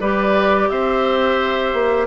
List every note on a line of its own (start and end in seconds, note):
0.00 0.69 G3
0.00 2.07 G4
0.00 0.69 B4
0.00 0.69 D5
0.69 1.73 C4
0.69 2.07 C5
0.69 2.07 E5
1.73 2.07 A#3